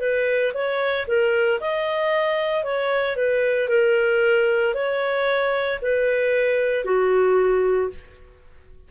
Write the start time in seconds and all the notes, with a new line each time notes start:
0.00 B4
0.54 C#5
1.08 A#4
1.60 D#5
2.64 C#5
3.16 B4
3.69 A#4
4.74 C#5
5.82 B4
6.85 F#4